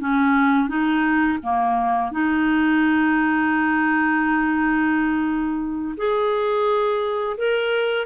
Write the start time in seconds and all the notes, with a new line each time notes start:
0.00 C#4
0.68 D#4
1.43 A#3
2.11 D#4
5.97 G#4
7.37 A#4